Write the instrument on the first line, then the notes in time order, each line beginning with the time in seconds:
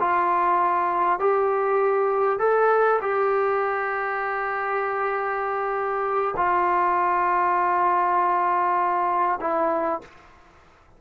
trombone
0.00 F4
1.20 G4
2.39 A4
3.01 G4
6.37 F4
9.41 E4